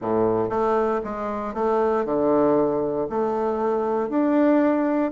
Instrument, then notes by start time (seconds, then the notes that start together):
bassoon
0.01 A2
0.49 A3
1.03 G#3
1.53 A3
2.05 D3
3.09 A3
4.09 D4